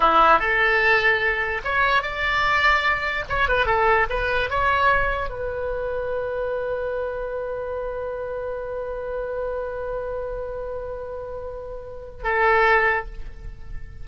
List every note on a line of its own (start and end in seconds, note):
0.00 0.39 E4
0.39 1.61 A4
1.64 2.02 C#5
2.02 3.24 D5
3.29 3.48 C#5
3.48 3.66 B4
3.66 4.06 A4
4.09 4.49 B4
4.49 5.29 C#5
5.29 12.23 B4
12.23 13.05 A4